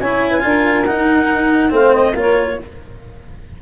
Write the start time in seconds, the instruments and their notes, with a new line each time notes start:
0.00 tuba C#4, cello E4, saxophone C#5, clarinet G#5
0.31 saxophone B4
0.40 tuba D4, cello F4, saxophone A#4
0.85 cello D#4, tuba D#4, clarinet F#5
1.70 tuba A3, cello C4, saxophone C5, clarinet F5
1.94 clarinet D#5
2.15 tuba A#3, cello F4, saxophone A#4, clarinet C#5